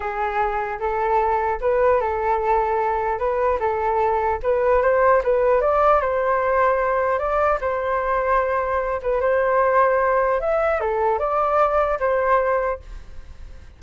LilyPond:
\new Staff \with { instrumentName = "flute" } { \time 4/4 \tempo 4 = 150 gis'2 a'2 | b'4 a'2. | b'4 a'2 b'4 | c''4 b'4 d''4 c''4~ |
c''2 d''4 c''4~ | c''2~ c''8 b'8 c''4~ | c''2 e''4 a'4 | d''2 c''2 | }